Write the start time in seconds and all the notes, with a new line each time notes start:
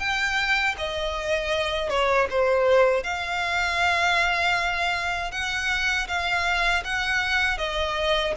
0.00 G5
0.78 D#5
1.90 C#5
2.31 C5
3.04 F5
5.32 F#5
6.08 F5
6.85 F#5
7.58 D#5